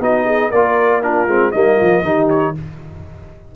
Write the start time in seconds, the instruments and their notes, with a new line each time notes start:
0.00 tuba B3, trombone D#4, horn F#4, trumpet D#5
0.25 horn G#4
0.50 tuba A#3, trombone F4, horn A#4, trumpet D5
1.02 trombone D4, horn F4, trumpet A#4
1.27 tuba G#3, trombone C4
1.51 tuba G3, trombone A#3, horn D#4, trumpet D#5
1.77 tuba F3, horn F4
2.02 tuba D#3, trombone D#4, horn G4
2.30 trumpet C#5